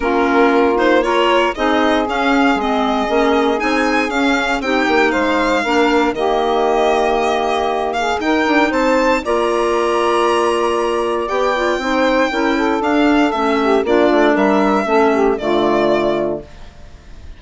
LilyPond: <<
  \new Staff \with { instrumentName = "violin" } { \time 4/4 \tempo 4 = 117 ais'4. c''8 cis''4 dis''4 | f''4 dis''2 gis''4 | f''4 g''4 f''2 | dis''2.~ dis''8 f''8 |
g''4 a''4 ais''2~ | ais''2 g''2~ | g''4 f''4 e''4 d''4 | e''2 d''2 | }
  \new Staff \with { instrumentName = "saxophone" } { \time 4/4 f'2 ais'4 gis'4~ | gis'1~ | gis'4 g'4 c''4 ais'4 | g'2.~ g'8 gis'8 |
ais'4 c''4 d''2~ | d''2. c''4 | ais'8 a'2 g'8 f'4 | ais'4 a'8 g'8 f'2 | }
  \new Staff \with { instrumentName = "clarinet" } { \time 4/4 cis'4. dis'8 f'4 dis'4 | cis'4 c'4 cis'4 dis'4 | cis'4 dis'2 d'4 | ais1 |
dis'2 f'2~ | f'2 g'8 f'8 dis'4 | e'4 d'4 cis'4 d'4~ | d'4 cis'4 a2 | }
  \new Staff \with { instrumentName = "bassoon" } { \time 4/4 ais2. c'4 | cis'4 gis4 ais4 c'4 | cis'4 c'8 ais8 gis4 ais4 | dis1 |
dis'8 d'8 c'4 ais2~ | ais2 b4 c'4 | cis'4 d'4 a4 ais8 a8 | g4 a4 d2 | }
>>